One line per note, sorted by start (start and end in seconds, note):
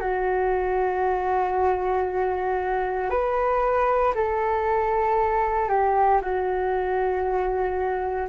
0.00 3.10 F#4
3.10 4.13 B4
4.15 5.68 A4
5.68 6.20 G4
6.22 8.29 F#4